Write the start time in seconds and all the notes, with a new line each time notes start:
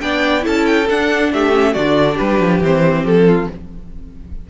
0.00 B3 D4 D5 G5
0.41 C#4 E4 A4 A5
0.66 G5
0.89 D4 F#5
1.32 A3 G4 E5
1.53 C#4
1.73 D3 D4 F#4 D5
2.14 G3 G4 B4
2.39 F3
2.60 E3 C4 C5
3.03 F3 A4
3.26 F4